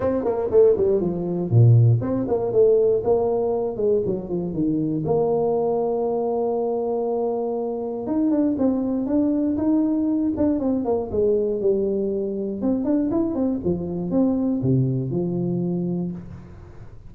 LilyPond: \new Staff \with { instrumentName = "tuba" } { \time 4/4 \tempo 4 = 119 c'8 ais8 a8 g8 f4 ais,4 | c'8 ais8 a4 ais4. gis8 | fis8 f8 dis4 ais2~ | ais1 |
dis'8 d'8 c'4 d'4 dis'4~ | dis'8 d'8 c'8 ais8 gis4 g4~ | g4 c'8 d'8 e'8 c'8 f4 | c'4 c4 f2 | }